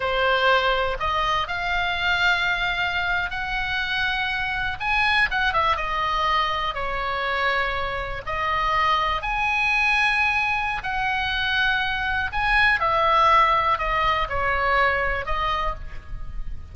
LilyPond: \new Staff \with { instrumentName = "oboe" } { \time 4/4 \tempo 4 = 122 c''2 dis''4 f''4~ | f''2~ f''8. fis''4~ fis''16~ | fis''4.~ fis''16 gis''4 fis''8 e''8 dis''16~ | dis''4.~ dis''16 cis''2~ cis''16~ |
cis''8. dis''2 gis''4~ gis''16~ | gis''2 fis''2~ | fis''4 gis''4 e''2 | dis''4 cis''2 dis''4 | }